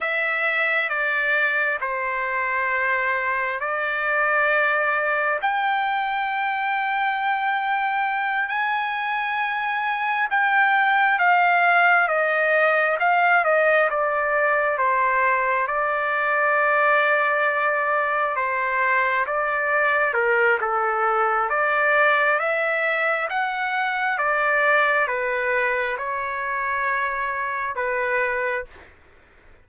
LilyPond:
\new Staff \with { instrumentName = "trumpet" } { \time 4/4 \tempo 4 = 67 e''4 d''4 c''2 | d''2 g''2~ | g''4. gis''2 g''8~ | g''8 f''4 dis''4 f''8 dis''8 d''8~ |
d''8 c''4 d''2~ d''8~ | d''8 c''4 d''4 ais'8 a'4 | d''4 e''4 fis''4 d''4 | b'4 cis''2 b'4 | }